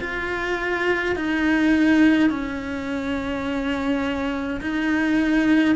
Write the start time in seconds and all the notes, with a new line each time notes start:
0.00 F4
1.15 D#4
2.30 C#4
4.60 D#4